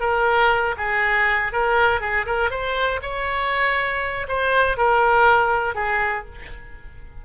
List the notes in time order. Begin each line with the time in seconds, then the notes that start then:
0.00 A#4
0.77 G#4
1.52 A#4
2.00 G#4
2.26 A#4
2.50 C5
3.02 C#5
4.28 C5
4.77 A#4
5.75 G#4